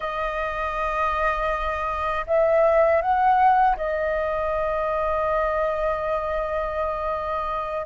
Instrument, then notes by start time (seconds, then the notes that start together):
flute
0.00 D#5
2.26 E5
3.01 F#5
3.77 D#5